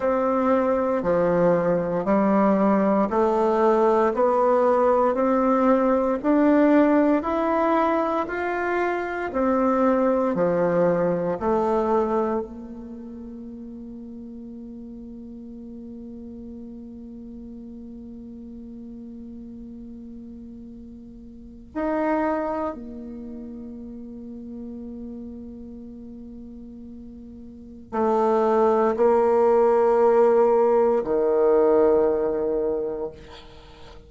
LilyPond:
\new Staff \with { instrumentName = "bassoon" } { \time 4/4 \tempo 4 = 58 c'4 f4 g4 a4 | b4 c'4 d'4 e'4 | f'4 c'4 f4 a4 | ais1~ |
ais1~ | ais4 dis'4 ais2~ | ais2. a4 | ais2 dis2 | }